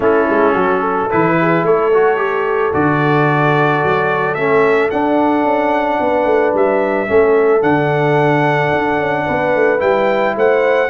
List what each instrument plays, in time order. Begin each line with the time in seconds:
0.00 tuba A3, trombone C#4, horn E4, trumpet A4
0.29 tuba G#3
0.53 tuba F#3, horn F#4
0.80 horn A4
1.10 tuba E3, trombone E4, trumpet B4
1.40 horn G#4
1.62 tuba A3, horn A4, trumpet C#5
1.93 trombone F#4
2.16 trombone G4
2.72 tuba D3, trombone F#4, trumpet D5
3.83 tuba F#3
4.34 tuba A3, trombone C#4, trumpet E5
4.90 trombone D4, tuba D4, trumpet F#5
5.44 tuba C#4
5.99 tuba B3, horn B4
6.25 tuba A3
6.54 tuba G3, trumpet E5
7.06 tuba A3, trombone C#4, horn A4
7.61 tuba D3, trombone D4, trumpet F#5
8.72 tuba D4
8.98 tuba C#4
9.25 tuba B3, horn B4
9.55 tuba A3
9.79 tuba G3, trombone E4, trumpet G5
10.36 tuba A3, horn C5, trumpet F#5